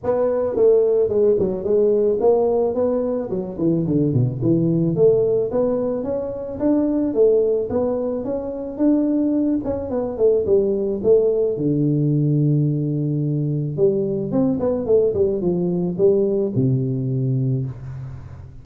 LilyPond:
\new Staff \with { instrumentName = "tuba" } { \time 4/4 \tempo 4 = 109 b4 a4 gis8 fis8 gis4 | ais4 b4 fis8 e8 d8 b,8 | e4 a4 b4 cis'4 | d'4 a4 b4 cis'4 |
d'4. cis'8 b8 a8 g4 | a4 d2.~ | d4 g4 c'8 b8 a8 g8 | f4 g4 c2 | }